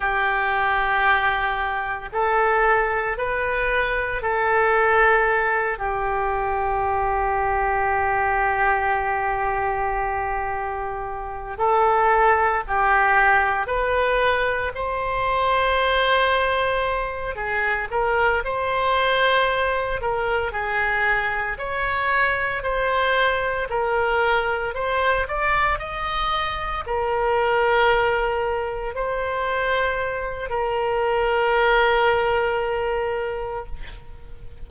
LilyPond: \new Staff \with { instrumentName = "oboe" } { \time 4/4 \tempo 4 = 57 g'2 a'4 b'4 | a'4. g'2~ g'8~ | g'2. a'4 | g'4 b'4 c''2~ |
c''8 gis'8 ais'8 c''4. ais'8 gis'8~ | gis'8 cis''4 c''4 ais'4 c''8 | d''8 dis''4 ais'2 c''8~ | c''4 ais'2. | }